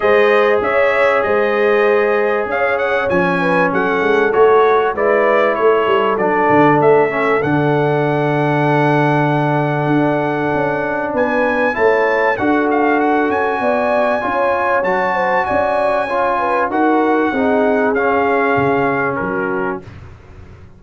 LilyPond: <<
  \new Staff \with { instrumentName = "trumpet" } { \time 4/4 \tempo 4 = 97 dis''4 e''4 dis''2 | f''8 fis''8 gis''4 fis''4 cis''4 | d''4 cis''4 d''4 e''4 | fis''1~ |
fis''2 gis''4 a''4 | fis''8 f''8 fis''8 gis''2~ gis''8 | a''4 gis''2 fis''4~ | fis''4 f''2 ais'4 | }
  \new Staff \with { instrumentName = "horn" } { \time 4/4 c''4 cis''4 c''2 | cis''4. b'8 a'2 | b'4 a'2.~ | a'1~ |
a'2 b'4 cis''4 | a'2 d''4 cis''4~ | cis''8 c''8 d''4 cis''8 b'8 ais'4 | gis'2. fis'4 | }
  \new Staff \with { instrumentName = "trombone" } { \time 4/4 gis'1~ | gis'4 cis'2 fis'4 | e'2 d'4. cis'8 | d'1~ |
d'2. e'4 | fis'2. f'4 | fis'2 f'4 fis'4 | dis'4 cis'2. | }
  \new Staff \with { instrumentName = "tuba" } { \time 4/4 gis4 cis'4 gis2 | cis'4 f4 fis8 gis8 a4 | gis4 a8 g8 fis8 d8 a4 | d1 |
d'4 cis'4 b4 a4 | d'4. cis'8 b4 cis'4 | fis4 cis'2 dis'4 | c'4 cis'4 cis4 fis4 | }
>>